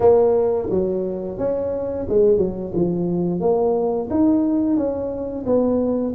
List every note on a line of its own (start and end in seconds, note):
0.00 0.68 A#3
0.69 1.38 F#3
1.38 2.06 C#4
2.09 2.37 G#3
2.37 2.71 F#3
2.74 3.40 F3
3.40 4.08 A#3
4.10 4.76 D#4
4.76 5.45 C#4
5.45 6.14 B3